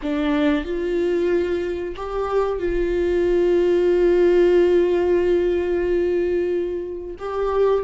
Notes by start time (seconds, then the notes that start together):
0.02 D4
0.65 F4
1.96 G4
2.59 F4
7.18 G4